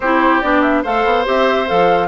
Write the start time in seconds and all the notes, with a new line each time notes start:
0.00 C4 E4 G4 C5
0.41 B3 D4 D5
0.62 E5
0.83 A3 A4 C5 F5
1.04 B3
1.25 C4 G4 E5
1.67 F3 A4 F5